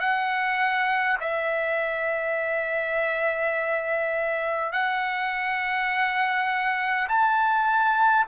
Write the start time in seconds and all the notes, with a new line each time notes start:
0.00 F#5
1.20 E5
4.72 F#5
7.08 A5